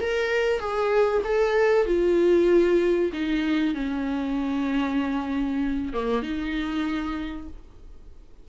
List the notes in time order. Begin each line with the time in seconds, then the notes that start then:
0.00 A#4
0.59 G#4
1.24 A4
1.86 F4
3.12 D#4
3.74 C#4
5.93 A#3
6.22 D#4